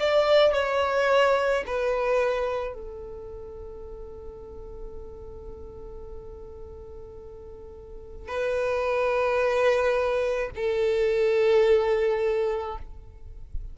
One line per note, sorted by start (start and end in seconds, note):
0.00 0.54 D5
0.54 1.65 C#5
1.67 2.74 B4
2.74 8.28 A4
8.28 10.51 B4
10.56 12.78 A4